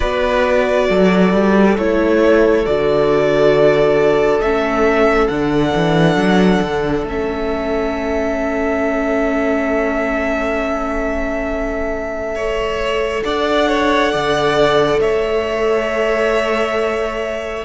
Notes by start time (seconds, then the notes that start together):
0.00 B3 F#4 B4 D5
0.89 F#3 A4
1.33 G3
1.77 A3 E4 C#5
2.65 D3 F#4 D5
4.40 A3 C#4 E5
5.27 D3 D4 F#5
5.75 E3
6.15 F#3
6.62 D3
7.03 A3 C#4 E5
12.35 A4 C#5
13.23 D4 D5 F#5
13.68 C#5
14.11 D3 D5
15.00 A3 C#5 E5